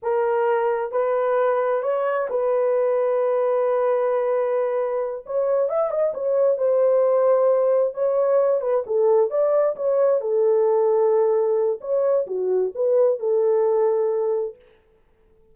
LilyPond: \new Staff \with { instrumentName = "horn" } { \time 4/4 \tempo 4 = 132 ais'2 b'2 | cis''4 b'2.~ | b'2.~ b'8 cis''8~ | cis''8 e''8 dis''8 cis''4 c''4.~ |
c''4. cis''4. b'8 a'8~ | a'8 d''4 cis''4 a'4.~ | a'2 cis''4 fis'4 | b'4 a'2. | }